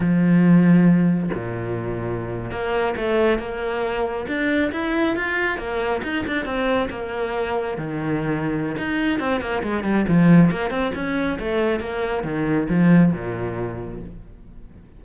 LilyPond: \new Staff \with { instrumentName = "cello" } { \time 4/4 \tempo 4 = 137 f2. ais,4~ | ais,4.~ ais,16 ais4 a4 ais16~ | ais4.~ ais16 d'4 e'4 f'16~ | f'8. ais4 dis'8 d'8 c'4 ais16~ |
ais4.~ ais16 dis2~ dis16 | dis'4 c'8 ais8 gis8 g8 f4 | ais8 c'8 cis'4 a4 ais4 | dis4 f4 ais,2 | }